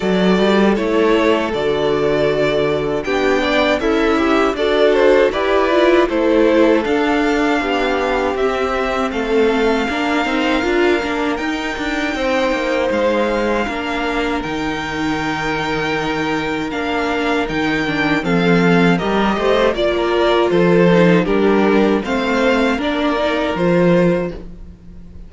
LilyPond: <<
  \new Staff \with { instrumentName = "violin" } { \time 4/4 \tempo 4 = 79 d''4 cis''4 d''2 | g''4 e''4 d''8 c''8 d''4 | c''4 f''2 e''4 | f''2. g''4~ |
g''4 f''2 g''4~ | g''2 f''4 g''4 | f''4 dis''4 d''4 c''4 | ais'4 f''4 d''4 c''4 | }
  \new Staff \with { instrumentName = "violin" } { \time 4/4 a'1 | g'8 d''8 e'4 a'4 b'4 | a'2 g'2 | a'4 ais'2. |
c''2 ais'2~ | ais'1 | a'4 ais'8 c''8 d''16 ais'8. a'4 | g'4 c''4 ais'2 | }
  \new Staff \with { instrumentName = "viola" } { \time 4/4 fis'4 e'4 fis'2 | d'4 a'8 g'8 fis'4 g'8 f'8 | e'4 d'2 c'4~ | c'4 d'8 dis'8 f'8 d'8 dis'4~ |
dis'2 d'4 dis'4~ | dis'2 d'4 dis'8 d'8 | c'4 g'4 f'4. dis'8 | d'4 c'4 d'8 dis'8 f'4 | }
  \new Staff \with { instrumentName = "cello" } { \time 4/4 fis8 g8 a4 d2 | b4 cis'4 d'4 e'4 | a4 d'4 b4 c'4 | a4 ais8 c'8 d'8 ais8 dis'8 d'8 |
c'8 ais8 gis4 ais4 dis4~ | dis2 ais4 dis4 | f4 g8 a8 ais4 f4 | g4 a4 ais4 f4 | }
>>